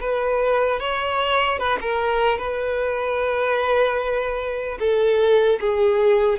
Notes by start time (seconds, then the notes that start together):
0.00 B4
0.80 C#5
1.58 B4
1.81 A#4
2.38 B4
4.79 A4
5.60 G#4